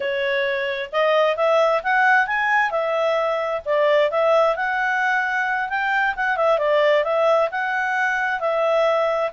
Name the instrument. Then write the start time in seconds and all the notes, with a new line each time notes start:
clarinet
0.00 C#5
0.92 D#5
1.36 E5
1.83 F#5
2.26 G#5
2.70 E5
3.65 D5
4.10 E5
4.56 F#5
5.69 G5
6.16 F#5
6.36 E5
6.58 D5
7.03 E5
7.51 F#5
8.40 E5